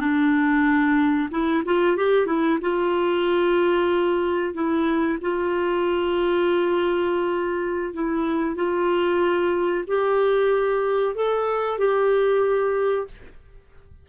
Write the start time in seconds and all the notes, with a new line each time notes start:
0.00 D4
1.31 E4
1.65 F4
1.97 G4
2.26 E4
2.61 F4
4.54 E4
5.21 F4
7.94 E4
8.55 F4
9.87 G4
11.15 A4
11.78 G4